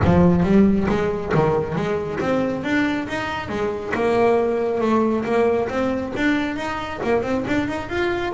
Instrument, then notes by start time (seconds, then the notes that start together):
double bass
0.04 F3
0.43 G3
0.88 G#3
1.34 D#3
1.75 G#3
2.20 C4
2.63 D4
3.08 D#4
3.49 G#3
3.94 A#3
4.80 A3
5.24 A#3
5.69 C4
6.16 D4
6.56 D#4
7.03 A#3
7.22 C4
7.47 D4
7.68 D#4
7.89 F4